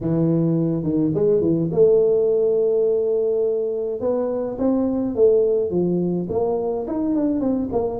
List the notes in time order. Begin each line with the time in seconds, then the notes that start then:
0.00 E3
0.83 D#3
1.14 G#3
1.41 E3
1.71 A3
4.00 B3
4.58 C4
5.15 A3
5.70 F3
6.29 A#3
6.87 D#4
7.15 D4
7.40 C4
7.71 A#3